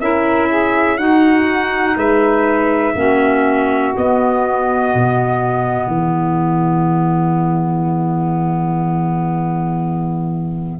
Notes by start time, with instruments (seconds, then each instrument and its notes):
0.00 tuba C#4, clarinet E4, saxophone A#4, trumpet E5
0.49 saxophone G#4
0.97 tuba D#4, clarinet D#4, saxophone F#4, trumpet F#5
1.95 tuba G#3, saxophone B4, trumpet E5
2.94 tuba A#3, clarinet C#4, saxophone F#4
3.95 clarinet B3, tuba B3, trumpet D#5
4.94 tuba B2
5.87 tuba E3, saxophone G#4, trumpet E5